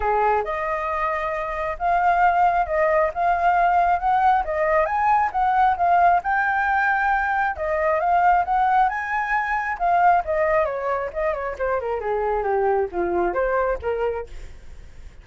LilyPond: \new Staff \with { instrumentName = "flute" } { \time 4/4 \tempo 4 = 135 gis'4 dis''2. | f''2 dis''4 f''4~ | f''4 fis''4 dis''4 gis''4 | fis''4 f''4 g''2~ |
g''4 dis''4 f''4 fis''4 | gis''2 f''4 dis''4 | cis''4 dis''8 cis''8 c''8 ais'8 gis'4 | g'4 f'4 c''4 ais'4 | }